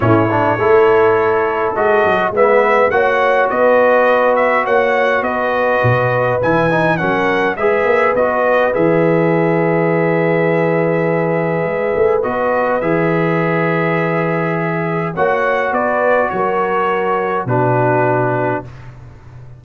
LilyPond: <<
  \new Staff \with { instrumentName = "trumpet" } { \time 4/4 \tempo 4 = 103 cis''2. dis''4 | e''4 fis''4 dis''4. e''8 | fis''4 dis''2 gis''4 | fis''4 e''4 dis''4 e''4~ |
e''1~ | e''4 dis''4 e''2~ | e''2 fis''4 d''4 | cis''2 b'2 | }
  \new Staff \with { instrumentName = "horn" } { \time 4/4 e'4 a'2. | b'4 cis''4 b'2 | cis''4 b'2. | ais'4 b'2.~ |
b'1~ | b'1~ | b'2 cis''4 b'4 | ais'2 fis'2 | }
  \new Staff \with { instrumentName = "trombone" } { \time 4/4 cis'8 d'8 e'2 fis'4 | b4 fis'2.~ | fis'2. e'8 dis'8 | cis'4 gis'4 fis'4 gis'4~ |
gis'1~ | gis'4 fis'4 gis'2~ | gis'2 fis'2~ | fis'2 d'2 | }
  \new Staff \with { instrumentName = "tuba" } { \time 4/4 a,4 a2 gis8 fis8 | gis4 ais4 b2 | ais4 b4 b,4 e4 | fis4 gis8 ais8 b4 e4~ |
e1 | gis8 a8 b4 e2~ | e2 ais4 b4 | fis2 b,2 | }
>>